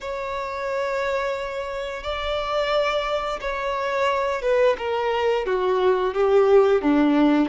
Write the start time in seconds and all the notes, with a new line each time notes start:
0.01 C#5
2.03 D5
3.41 C#5
4.42 B4
4.78 A#4
5.45 F#4
6.14 G4
6.81 D4